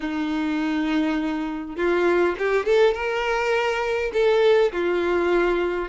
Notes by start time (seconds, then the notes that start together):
0.00 D#4
1.76 F4
2.38 G4
2.65 A4
2.94 A#4
4.13 A4
4.72 F4